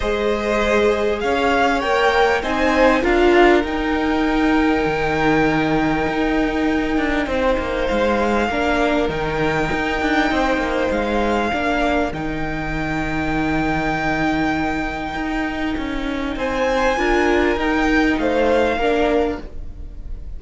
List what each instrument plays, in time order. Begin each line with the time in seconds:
0.00 cello G#3, viola G#4, violin C5 D#5
1.20 cello C#4, violin C#5 F5
1.80 cello A#3, viola A#4, violin G5
2.42 cello C4, viola D#4, violin C5 G#5
3.02 cello D4, viola F4, violin A#4 F5
3.63 cello D#4, viola D#4, violin G5
4.85 cello D#3
6.08 cello D#4
6.97 cello D4
7.26 cello C4, violin C5
7.58 cello A#3
7.86 cello G#3, violin F5
8.48 cello A#3, viola D4, violin A#4
9.08 cello D#3, viola D#4, violin G5
9.72 cello D#4
10.01 cello D4
10.31 cello C4, violin C5
10.57 cello A#3
10.91 cello G#3, violin F5
11.51 cello A#3, viola D4, violin A#4
12.12 cello D#3, viola D#4, violin G5
15.14 cello D#4
15.77 cello C#4
16.35 cello C4, violin C5 G#5
16.97 cello D4, viola F4, violin A#4
17.55 cello D#4, viola D#4, violin G5
18.17 cello A3, violin C5 F5
18.77 cello A#3, viola D4, violin A#4